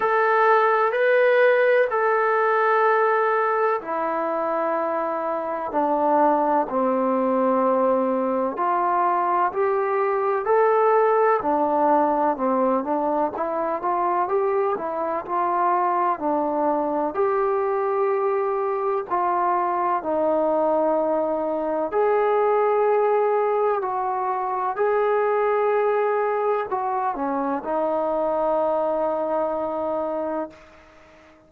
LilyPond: \new Staff \with { instrumentName = "trombone" } { \time 4/4 \tempo 4 = 63 a'4 b'4 a'2 | e'2 d'4 c'4~ | c'4 f'4 g'4 a'4 | d'4 c'8 d'8 e'8 f'8 g'8 e'8 |
f'4 d'4 g'2 | f'4 dis'2 gis'4~ | gis'4 fis'4 gis'2 | fis'8 cis'8 dis'2. | }